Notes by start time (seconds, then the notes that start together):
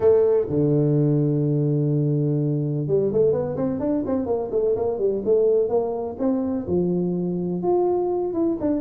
0.00 A3
0.49 D3
2.87 G3
3.12 A3
3.32 B3
3.56 C4
3.79 D4
4.05 C4
4.26 A#3
4.51 A3
4.76 A#3
4.98 G3
5.24 A3
5.68 A#3
6.19 C4
6.67 F3
7.62 F4
8.33 E4
8.60 D4